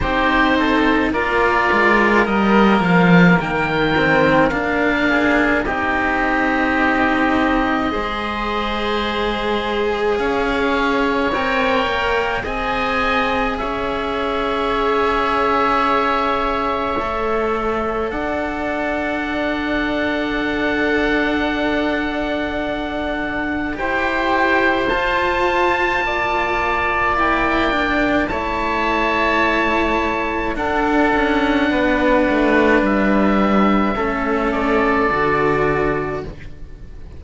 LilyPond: <<
  \new Staff \with { instrumentName = "oboe" } { \time 4/4 \tempo 4 = 53 c''4 d''4 dis''8 f''8 g''4 | f''4 dis''2.~ | dis''4 f''4 g''4 gis''4 | e''1 |
fis''1~ | fis''4 g''4 a''2 | g''4 a''2 fis''4~ | fis''4 e''4. d''4. | }
  \new Staff \with { instrumentName = "oboe" } { \time 4/4 g'8 a'8 ais'2.~ | ais'8 gis'8 g'2 c''4~ | c''4 cis''2 dis''4 | cis''1 |
d''1~ | d''4 c''2 d''4~ | d''4 cis''2 a'4 | b'2 a'2 | }
  \new Staff \with { instrumentName = "cello" } { \time 4/4 dis'4 f'4 ais4. c'8 | d'4 dis'2 gis'4~ | gis'2 ais'4 gis'4~ | gis'2. a'4~ |
a'1~ | a'4 g'4 f'2 | e'8 d'8 e'2 d'4~ | d'2 cis'4 fis'4 | }
  \new Staff \with { instrumentName = "cello" } { \time 4/4 c'4 ais8 gis8 g8 f8 dis4 | ais4 c'2 gis4~ | gis4 cis'4 c'8 ais8 c'4 | cis'2. a4 |
d'1~ | d'4 e'4 f'4 ais4~ | ais4 a2 d'8 cis'8 | b8 a8 g4 a4 d4 | }
>>